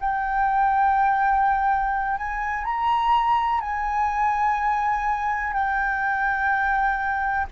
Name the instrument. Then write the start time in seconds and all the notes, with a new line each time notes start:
flute
0.00 G5
2.18 G#5
2.65 A#5
3.61 G#5
5.53 G5